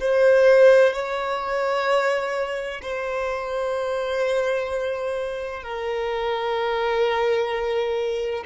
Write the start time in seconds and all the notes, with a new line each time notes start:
0.00 C5
0.93 C#5
2.82 C5
5.63 A#4